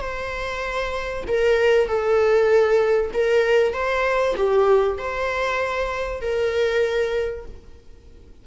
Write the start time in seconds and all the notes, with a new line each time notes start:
0.00 C5
1.27 A#4
1.87 A4
3.13 A#4
3.73 C5
4.36 G4
4.98 C5
6.21 A#4